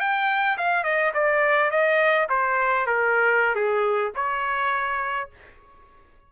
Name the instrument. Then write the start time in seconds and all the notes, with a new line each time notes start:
trumpet
0.00 G5
0.57 F5
0.83 D#5
1.14 D5
1.70 D#5
2.29 C5
2.86 A#4
3.55 G#4
4.15 C#5